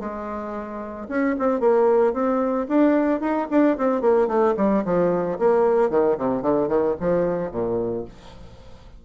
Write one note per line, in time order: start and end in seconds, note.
0.00 1.07 G#3
1.09 1.36 C#4
1.39 1.60 C4
1.60 2.13 A#3
2.13 2.67 C4
2.69 3.21 D4
3.21 3.47 D#4
3.50 3.77 D4
3.78 4.02 C4
4.02 4.28 A#3
4.28 4.55 A3
4.57 4.84 G3
4.85 5.38 F3
5.39 5.90 A#3
5.90 6.17 D#3
6.18 6.42 C3
6.42 6.68 D3
6.68 6.95 D#3
7.00 7.51 F3
7.51 8.05 A#2